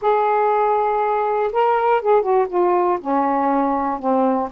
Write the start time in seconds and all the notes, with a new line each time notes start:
0.01 G#4
1.52 A#4
2.01 G#4
2.21 F#4
2.49 F4
3.00 C#4
3.99 C4